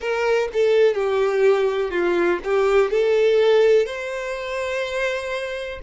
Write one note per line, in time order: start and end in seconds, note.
0.00 0.48 A#4
0.53 0.94 A4
0.94 1.90 G4
1.90 2.39 F4
2.44 2.90 G4
2.90 3.86 A4
3.86 5.79 C5